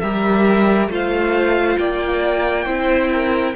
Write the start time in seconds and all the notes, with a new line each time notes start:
0.00 G3 G4 A#4 E5
0.88 A3 F4 C5
0.95 F5
1.78 A#3 D5 G5
2.66 C4 E4 C5
3.13 A#4